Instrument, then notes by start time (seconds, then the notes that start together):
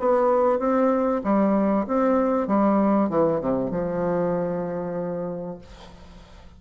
bassoon
0.00 B3
0.59 C4
1.24 G3
1.88 C4
2.48 G3
3.10 E3
3.41 C3
3.71 F3